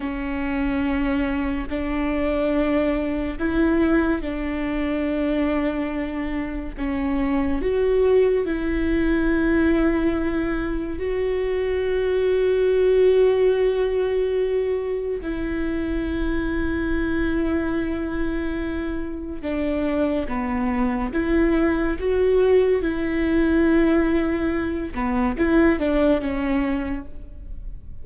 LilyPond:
\new Staff \with { instrumentName = "viola" } { \time 4/4 \tempo 4 = 71 cis'2 d'2 | e'4 d'2. | cis'4 fis'4 e'2~ | e'4 fis'2.~ |
fis'2 e'2~ | e'2. d'4 | b4 e'4 fis'4 e'4~ | e'4. b8 e'8 d'8 cis'4 | }